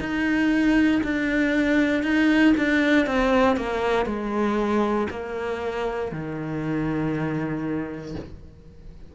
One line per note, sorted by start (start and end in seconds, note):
0.00 1.02 D#4
1.03 2.03 D4
2.03 2.54 D#4
2.57 3.06 D4
3.06 3.56 C4
3.56 4.06 A#3
4.06 5.08 G#3
5.10 6.12 A#3
6.12 8.15 D#3